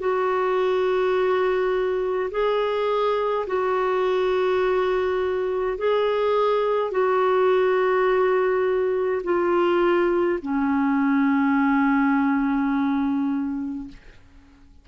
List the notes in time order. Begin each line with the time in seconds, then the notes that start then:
0.00 F#4
2.31 G#4
3.47 F#4
5.78 G#4
6.92 F#4
9.24 F4
10.42 C#4